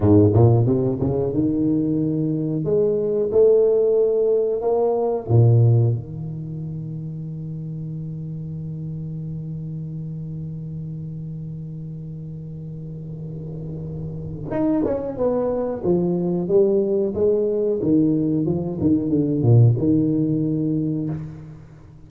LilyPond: \new Staff \with { instrumentName = "tuba" } { \time 4/4 \tempo 4 = 91 gis,8 ais,8 c8 cis8 dis2 | gis4 a2 ais4 | ais,4 dis2.~ | dis1~ |
dis1~ | dis2 dis'8 cis'8 b4 | f4 g4 gis4 dis4 | f8 dis8 d8 ais,8 dis2 | }